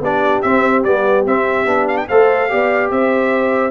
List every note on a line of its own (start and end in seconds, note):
0.00 0.41 B3
0.00 0.44 D4
0.00 2.08 G4
0.00 0.42 D5
0.42 0.85 C4
0.42 0.84 C4
0.42 0.83 E5
0.84 1.26 G3
0.84 1.26 B3
0.84 1.25 D5
1.26 1.65 C4
1.26 1.66 C4
1.26 1.88 E5
1.65 2.06 B3
1.65 2.07 D4
1.88 1.97 F5
1.97 2.07 G5
2.08 2.52 A3
2.08 2.49 A4
2.08 2.49 C5
2.08 2.91 F5
2.49 2.90 B3
2.49 3.70 G4
2.49 2.91 D5
2.90 3.70 C4
2.90 3.70 C5
2.90 3.70 E5